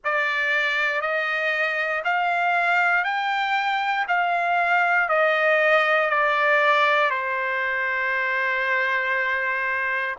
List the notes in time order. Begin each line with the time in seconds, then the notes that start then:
0.04 D5
1.01 D#5
2.04 F5
3.04 G5
4.07 F5
5.08 D#5
6.10 D5
7.10 C5